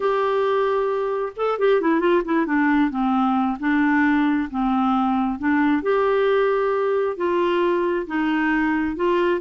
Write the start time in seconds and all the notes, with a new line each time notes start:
0.00 G4
1.36 A4
1.59 G4
1.81 E4
1.99 F4
2.24 E4
2.46 D4
2.90 C4
3.59 D4
4.50 C4
5.39 D4
5.82 G4
7.16 F4
8.06 D#4
8.96 F4